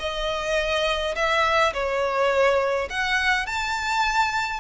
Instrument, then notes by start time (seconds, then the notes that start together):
violin
0.00 D#5
1.16 E5
1.74 C#5
2.90 F#5
3.46 A5